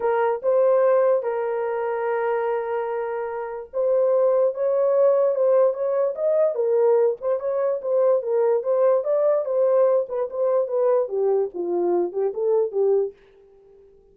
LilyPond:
\new Staff \with { instrumentName = "horn" } { \time 4/4 \tempo 4 = 146 ais'4 c''2 ais'4~ | ais'1~ | ais'4 c''2 cis''4~ | cis''4 c''4 cis''4 dis''4 |
ais'4. c''8 cis''4 c''4 | ais'4 c''4 d''4 c''4~ | c''8 b'8 c''4 b'4 g'4 | f'4. g'8 a'4 g'4 | }